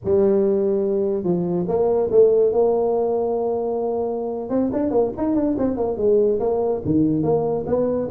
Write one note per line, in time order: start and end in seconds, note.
0.04 1.23 G3
1.23 1.65 F3
1.68 2.10 A#3
2.11 2.52 A3
2.52 4.49 A#3
4.49 4.70 C4
4.72 4.90 D4
4.90 5.11 A#3
5.17 5.35 D#4
5.35 5.56 D4
5.58 5.76 C4
5.76 5.97 A#3
5.97 6.39 G#3
6.39 6.81 A#3
6.84 7.22 D#3
7.22 7.64 A#3
7.66 8.08 B3